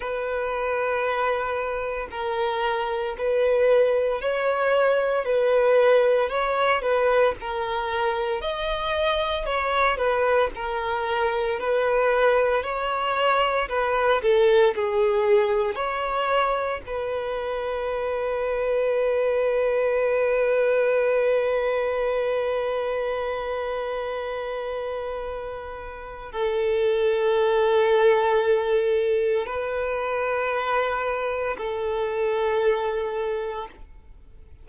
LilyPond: \new Staff \with { instrumentName = "violin" } { \time 4/4 \tempo 4 = 57 b'2 ais'4 b'4 | cis''4 b'4 cis''8 b'8 ais'4 | dis''4 cis''8 b'8 ais'4 b'4 | cis''4 b'8 a'8 gis'4 cis''4 |
b'1~ | b'1~ | b'4 a'2. | b'2 a'2 | }